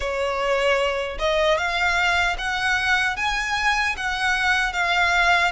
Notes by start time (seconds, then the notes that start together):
0.00 C#5
1.18 D#5
1.57 F5
2.38 F#5
3.16 G#5
3.96 F#5
4.72 F5